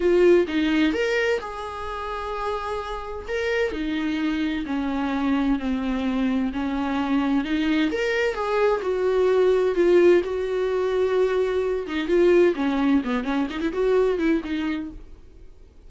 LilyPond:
\new Staff \with { instrumentName = "viola" } { \time 4/4 \tempo 4 = 129 f'4 dis'4 ais'4 gis'4~ | gis'2. ais'4 | dis'2 cis'2 | c'2 cis'2 |
dis'4 ais'4 gis'4 fis'4~ | fis'4 f'4 fis'2~ | fis'4. dis'8 f'4 cis'4 | b8 cis'8 dis'16 e'16 fis'4 e'8 dis'4 | }